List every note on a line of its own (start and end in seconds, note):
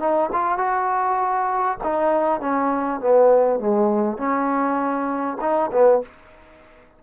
0.00 0.30 D#4
0.33 0.58 F4
0.58 1.78 F#4
1.84 2.41 D#4
2.41 3.01 C#4
3.01 3.60 B3
3.60 4.18 G#3
4.18 5.38 C#4
5.41 5.71 D#4
5.72 6.02 B3